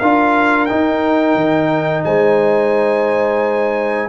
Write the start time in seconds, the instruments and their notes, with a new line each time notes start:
0.00 tuba D4, trombone F4, horn A#4, trumpet F5
0.66 trombone D#4, tuba D#4, trumpet G5
1.36 tuba D#3
2.05 tuba G#3, horn C5, trumpet G#5